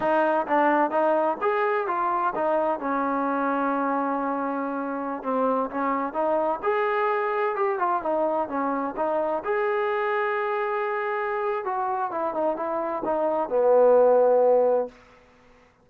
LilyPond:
\new Staff \with { instrumentName = "trombone" } { \time 4/4 \tempo 4 = 129 dis'4 d'4 dis'4 gis'4 | f'4 dis'4 cis'2~ | cis'2.~ cis'16 c'8.~ | c'16 cis'4 dis'4 gis'4.~ gis'16~ |
gis'16 g'8 f'8 dis'4 cis'4 dis'8.~ | dis'16 gis'2.~ gis'8.~ | gis'4 fis'4 e'8 dis'8 e'4 | dis'4 b2. | }